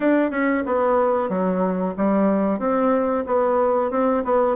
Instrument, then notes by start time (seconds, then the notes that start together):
bassoon
0.00 D4
0.31 C#4
0.66 B3
1.29 F#3
1.97 G3
2.59 C4
3.26 B3
3.90 C4
4.24 B3